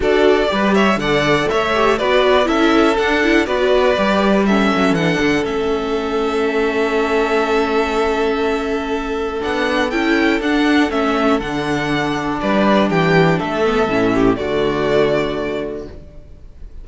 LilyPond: <<
  \new Staff \with { instrumentName = "violin" } { \time 4/4 \tempo 4 = 121 d''4. e''8 fis''4 e''4 | d''4 e''4 fis''4 d''4~ | d''4 e''4 fis''4 e''4~ | e''1~ |
e''2. fis''4 | g''4 fis''4 e''4 fis''4~ | fis''4 d''4 g''4 e''4~ | e''4 d''2. | }
  \new Staff \with { instrumentName = "violin" } { \time 4/4 a'4 b'8 cis''8 d''4 cis''4 | b'4 a'2 b'4~ | b'4 a'2.~ | a'1~ |
a'1~ | a'1~ | a'4 b'4 g'4 a'4~ | a'8 g'8 fis'2. | }
  \new Staff \with { instrumentName = "viola" } { \time 4/4 fis'4 g'4 a'4. g'8 | fis'4 e'4 d'8 e'8 fis'4 | g'4 cis'4 d'4 cis'4~ | cis'1~ |
cis'2. d'4 | e'4 d'4 cis'4 d'4~ | d'2.~ d'8 b8 | cis'4 a2. | }
  \new Staff \with { instrumentName = "cello" } { \time 4/4 d'4 g4 d4 a4 | b4 cis'4 d'4 b4 | g4. fis8 e8 d8 a4~ | a1~ |
a2. b4 | cis'4 d'4 a4 d4~ | d4 g4 e4 a4 | a,4 d2. | }
>>